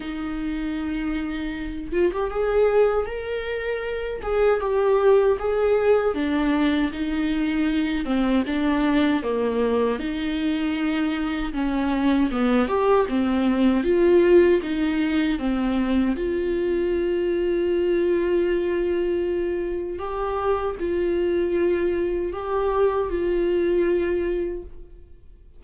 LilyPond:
\new Staff \with { instrumentName = "viola" } { \time 4/4 \tempo 4 = 78 dis'2~ dis'8 f'16 g'16 gis'4 | ais'4. gis'8 g'4 gis'4 | d'4 dis'4. c'8 d'4 | ais4 dis'2 cis'4 |
b8 g'8 c'4 f'4 dis'4 | c'4 f'2.~ | f'2 g'4 f'4~ | f'4 g'4 f'2 | }